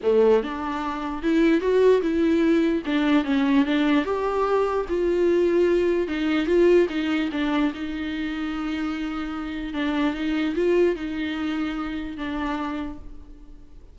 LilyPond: \new Staff \with { instrumentName = "viola" } { \time 4/4 \tempo 4 = 148 a4 d'2 e'4 | fis'4 e'2 d'4 | cis'4 d'4 g'2 | f'2. dis'4 |
f'4 dis'4 d'4 dis'4~ | dis'1 | d'4 dis'4 f'4 dis'4~ | dis'2 d'2 | }